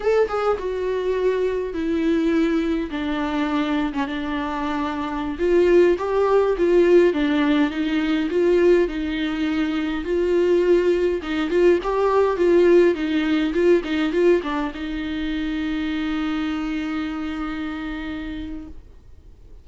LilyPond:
\new Staff \with { instrumentName = "viola" } { \time 4/4 \tempo 4 = 103 a'8 gis'8 fis'2 e'4~ | e'4 d'4.~ d'16 cis'16 d'4~ | d'4~ d'16 f'4 g'4 f'8.~ | f'16 d'4 dis'4 f'4 dis'8.~ |
dis'4~ dis'16 f'2 dis'8 f'16~ | f'16 g'4 f'4 dis'4 f'8 dis'16~ | dis'16 f'8 d'8 dis'2~ dis'8.~ | dis'1 | }